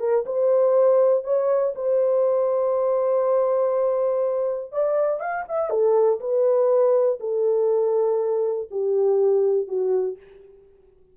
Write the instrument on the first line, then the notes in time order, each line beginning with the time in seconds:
horn
0.00 A#4
0.26 C5
1.24 C#5
1.76 C5
4.72 D5
5.20 F5
5.49 E5
5.70 A4
6.21 B4
7.21 A4
8.71 G4
9.68 F#4